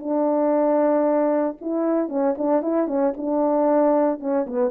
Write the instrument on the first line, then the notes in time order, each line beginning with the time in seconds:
horn
0.00 D4
1.62 E4
2.09 C#4
2.38 D4
2.63 E4
2.88 C#4
3.18 D4
4.20 C#4
4.47 B3